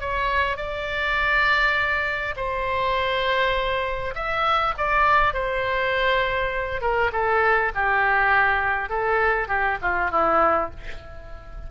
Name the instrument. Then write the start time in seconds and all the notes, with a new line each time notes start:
oboe
0.00 C#5
0.56 D5
2.36 C5
4.14 E5
4.77 D5
5.33 C5
6.81 A#4
7.12 A4
7.74 G4
8.89 A4
9.48 G4
9.81 F4
10.10 E4